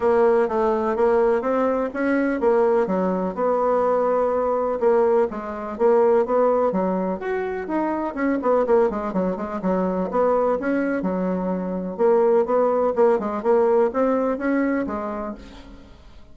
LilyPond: \new Staff \with { instrumentName = "bassoon" } { \time 4/4 \tempo 4 = 125 ais4 a4 ais4 c'4 | cis'4 ais4 fis4 b4~ | b2 ais4 gis4 | ais4 b4 fis4 fis'4 |
dis'4 cis'8 b8 ais8 gis8 fis8 gis8 | fis4 b4 cis'4 fis4~ | fis4 ais4 b4 ais8 gis8 | ais4 c'4 cis'4 gis4 | }